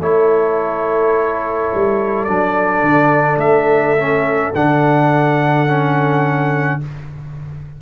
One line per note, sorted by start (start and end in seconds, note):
0.00 1.70 A3
0.00 2.27 E4
0.00 6.80 A4
0.00 2.24 C#5
1.74 2.28 G3
2.24 2.82 F#3
2.24 3.97 D4
2.24 3.37 D5
2.82 3.37 D3
3.37 4.50 A3
3.37 4.52 E5
3.97 4.54 C#4
4.54 6.81 D3
4.54 5.67 D4
4.54 6.81 F#5
5.67 6.80 C#4